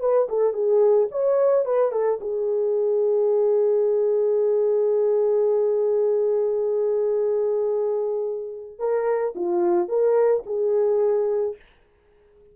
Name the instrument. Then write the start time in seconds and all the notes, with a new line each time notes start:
horn
0.00 B4
0.29 A4
0.53 G#4
1.11 C#5
1.65 B4
1.91 A4
2.21 G#4
8.79 A#4
9.35 F4
9.88 A#4
10.46 G#4